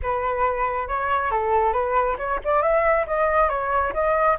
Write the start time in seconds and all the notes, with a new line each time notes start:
0.02 B4
0.87 C#5
1.30 A4
1.72 B4
2.18 C#5
2.44 D5
2.62 E5
3.06 D#5
3.49 C#5
3.93 D#5